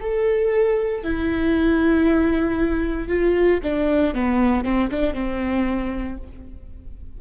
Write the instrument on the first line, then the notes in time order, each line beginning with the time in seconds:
viola
0.00 A4
1.03 E4
3.08 F4
3.63 D4
4.14 B3
4.64 C4
4.90 D4
5.14 C4